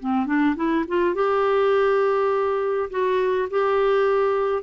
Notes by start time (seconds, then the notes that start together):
0.00 C4
0.26 D4
0.56 E4
0.88 F4
1.15 G4
2.90 F#4
3.50 G4